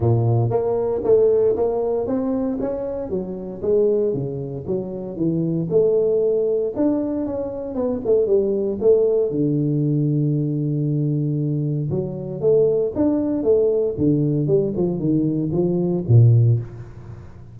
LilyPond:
\new Staff \with { instrumentName = "tuba" } { \time 4/4 \tempo 4 = 116 ais,4 ais4 a4 ais4 | c'4 cis'4 fis4 gis4 | cis4 fis4 e4 a4~ | a4 d'4 cis'4 b8 a8 |
g4 a4 d2~ | d2. fis4 | a4 d'4 a4 d4 | g8 f8 dis4 f4 ais,4 | }